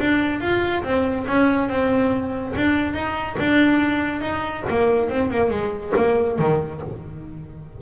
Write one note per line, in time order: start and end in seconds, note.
0.00 0.41 D4
0.41 0.83 F4
0.84 1.26 C4
1.27 1.69 C#4
1.69 2.54 C4
2.56 2.93 D4
2.93 3.36 D#4
3.39 4.21 D4
4.21 4.64 D#4
4.70 5.10 A#3
5.10 5.31 C4
5.31 5.50 A#3
5.50 5.93 G#3
5.96 6.39 A#3
6.39 6.81 D#3